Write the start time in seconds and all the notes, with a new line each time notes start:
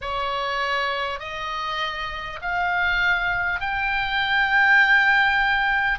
0.01 C#5
1.19 D#5
2.41 F5
3.60 G5